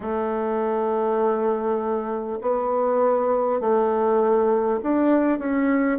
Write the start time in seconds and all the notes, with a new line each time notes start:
0.00 A3
2.41 B3
3.60 A3
4.82 D4
5.38 C#4